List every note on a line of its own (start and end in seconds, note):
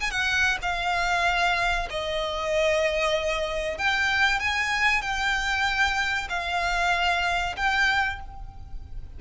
0.00 0.11 G#5
0.11 0.58 F#5
0.62 1.88 F5
1.90 3.78 D#5
3.78 4.40 G5
4.40 5.02 G#5
5.02 6.28 G5
6.29 7.56 F5
7.56 8.20 G5